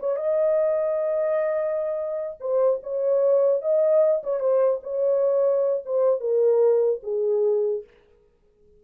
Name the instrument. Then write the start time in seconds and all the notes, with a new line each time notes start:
horn
0.00 C#5
0.16 D#5
2.41 C5
2.83 C#5
3.62 D#5
4.24 C#5
4.40 C5
4.83 C#5
5.86 C5
6.20 A#4
7.04 G#4